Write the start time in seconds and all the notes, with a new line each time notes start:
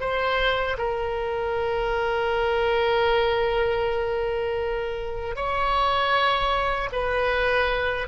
0.00 C5
0.78 A#4
5.36 C#5
6.92 B4